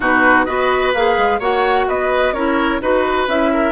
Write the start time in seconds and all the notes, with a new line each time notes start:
0.00 B2 D#4 F#4 B4
0.45 B3 F#4 B4 D#5
0.93 A#3 G#4 F5
1.17 G#3
1.39 A#3 F#4 C#5 F#5
1.88 B3 B4 D#5
2.32 C#4 E4 A#4 C#5
2.81 D#4 F#4 B4
3.27 C#4 E4 E5
3.53 A#4